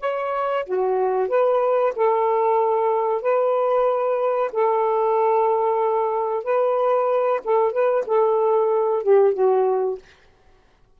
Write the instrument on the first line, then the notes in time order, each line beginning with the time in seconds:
saxophone
0.00 C#5
0.65 F#4
1.28 B4
1.96 A4
3.21 B4
4.52 A4
6.44 B4
7.45 A4
7.72 B4
8.06 A4
9.03 G4
9.33 F#4